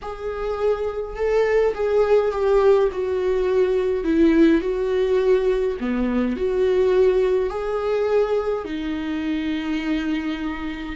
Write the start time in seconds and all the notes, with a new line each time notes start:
0.02 G#4
1.16 A4
1.74 G#4
2.31 G4
2.91 F#4
4.04 E4
4.61 F#4
5.80 B3
6.36 F#4
7.49 G#4
8.65 D#4